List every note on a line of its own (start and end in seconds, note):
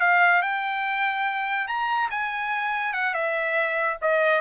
0.00 0.42 F5
0.42 1.67 G5
1.67 2.09 A#5
2.11 2.93 G#5
2.93 3.14 F#5
3.14 3.98 E5
4.02 4.41 D#5